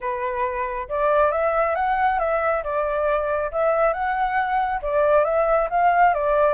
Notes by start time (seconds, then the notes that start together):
0.01 B4
0.89 D5
1.31 E5
1.75 F#5
2.19 E5
2.63 D5
3.51 E5
3.93 F#5
4.82 D5
5.24 E5
5.70 F5
6.13 D5